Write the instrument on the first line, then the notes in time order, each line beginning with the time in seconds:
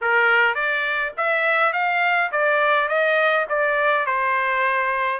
trumpet
0.01 A#4
0.54 D5
1.17 E5
1.73 F5
2.31 D5
2.88 D#5
3.49 D5
4.05 C5